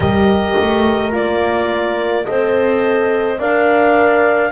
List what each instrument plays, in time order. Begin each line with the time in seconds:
0.00 double bass G3, horn G4 A#4, clarinet D#5
0.60 double bass A3
1.11 double bass A#3, horn F4, clarinet D5
2.25 double bass C4, horn A4 D#5, clarinet C5
3.38 double bass D4, horn A#4 D5, clarinet F5